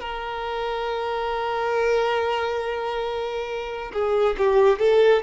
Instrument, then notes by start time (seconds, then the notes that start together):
violin
0.00 A#4
3.92 G#4
4.38 G4
4.79 A4